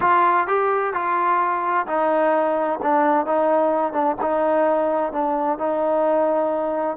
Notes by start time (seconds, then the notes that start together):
0.00 F4
0.47 G4
0.93 F4
1.86 D#4
2.82 D4
3.26 D#4
3.93 D4
4.21 D#4
5.12 D4
5.58 D#4